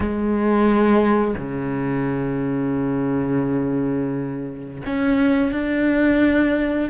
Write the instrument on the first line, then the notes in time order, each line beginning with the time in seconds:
cello
0.00 G#3
1.37 C#3
4.86 C#4
5.52 D4